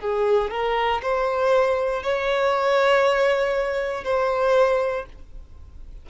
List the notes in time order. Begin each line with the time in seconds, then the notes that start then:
0.00 G#4
0.50 A#4
1.02 C5
2.03 C#5
4.04 C5